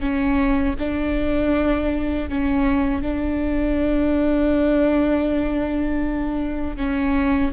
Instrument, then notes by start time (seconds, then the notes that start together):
viola
0.00 C#4
0.79 D4
2.29 C#4
3.02 D4
6.77 C#4